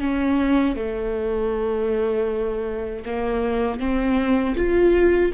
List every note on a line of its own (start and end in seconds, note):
0.00 0.76 C#4
0.76 3.04 A3
3.05 3.79 A#3
3.79 4.55 C4
4.56 5.32 F4